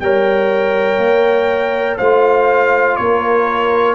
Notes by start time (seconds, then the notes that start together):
0.00 G3 A#4 C#5 G5
0.98 A#3
1.98 A3 F4 C5 F5
2.96 A#3 A#4 C#5